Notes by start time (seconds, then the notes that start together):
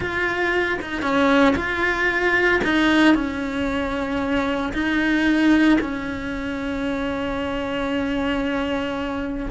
0.00 F4
0.81 D#4
1.02 C#4
1.55 F4
2.63 D#4
3.14 C#4
4.73 D#4
5.80 C#4